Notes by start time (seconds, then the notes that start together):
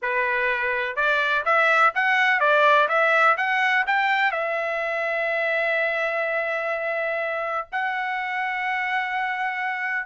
0.02 B4
0.96 D5
1.45 E5
1.94 F#5
2.40 D5
2.88 E5
3.37 F#5
3.86 G5
4.31 E5
7.71 F#5